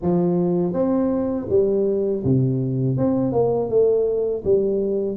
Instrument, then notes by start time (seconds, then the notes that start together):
tuba
0.02 F3
0.73 C4
1.48 G3
2.24 C3
2.97 C4
3.32 A#3
3.69 A3
4.44 G3